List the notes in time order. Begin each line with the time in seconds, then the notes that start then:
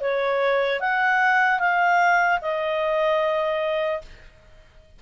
0.00 C#5
0.80 F#5
1.59 F5
2.41 D#5